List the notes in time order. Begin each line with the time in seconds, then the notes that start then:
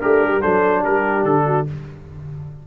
0.00 A3 D4 G4 A#4
0.24 G3
0.41 F#3 D4 A4 C5
0.81 G3 G4 A#4
1.24 D3 A4
1.46 F#4